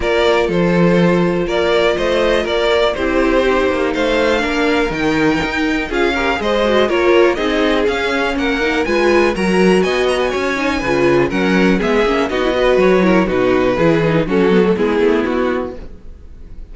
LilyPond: <<
  \new Staff \with { instrumentName = "violin" } { \time 4/4 \tempo 4 = 122 d''4 c''2 d''4 | dis''4 d''4 c''2 | f''2 g''2 | f''4 dis''4 cis''4 dis''4 |
f''4 fis''4 gis''4 ais''4 | gis''8 ais''16 gis''2~ gis''16 fis''4 | e''4 dis''4 cis''4 b'4~ | b'4 a'4 gis'4 fis'4 | }
  \new Staff \with { instrumentName = "violin" } { \time 4/4 ais'4 a'2 ais'4 | c''4 ais'4 g'2 | c''4 ais'2. | gis'8 ais'8 c''4 ais'4 gis'4~ |
gis'4 ais'4 b'4 ais'4 | dis''4 cis''4 b'4 ais'4 | gis'4 fis'8 b'4 ais'8 fis'4 | gis'4 fis'4 e'2 | }
  \new Staff \with { instrumentName = "viola" } { \time 4/4 f'1~ | f'2 e'4 dis'4~ | dis'4 d'4 dis'2 | f'8 g'8 gis'8 fis'8 f'4 dis'4 |
cis'4. dis'8 f'4 fis'4~ | fis'4. dis'8 f'4 cis'4 | b8 cis'8 dis'16 e'16 fis'4 e'8 dis'4 | e'8 dis'8 cis'8 b16 a16 b2 | }
  \new Staff \with { instrumentName = "cello" } { \time 4/4 ais4 f2 ais4 | a4 ais4 c'4. ais8 | a4 ais4 dis4 dis'4 | cis'4 gis4 ais4 c'4 |
cis'4 ais4 gis4 fis4 | b4 cis'4 cis4 fis4 | gis8 ais8 b4 fis4 b,4 | e4 fis4 gis8 a8 b4 | }
>>